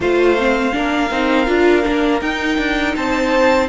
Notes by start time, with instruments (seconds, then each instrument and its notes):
0.00 cello A3, viola F4, violin C5 F5
0.37 viola C4
0.72 cello A#3, viola D4, violin A#4
1.10 cello C4, viola D#4
1.46 cello D4, viola F4
1.82 cello A#3, viola D4
2.21 cello D#4, viola D#4, violin G5
2.58 cello D4
2.95 cello C4, violin C5 A5